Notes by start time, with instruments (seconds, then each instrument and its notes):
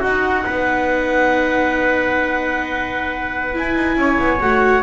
0.00 double bass D#4, viola D#4, trumpet F#4, clarinet F#5
0.45 double bass B3, trumpet B4
3.54 viola E4, double bass E4, clarinet G#5
3.76 double bass D#4
3.96 double bass C#4, trumpet C#5
4.19 double bass B3
4.41 double bass A3, viola F#4, clarinet F#5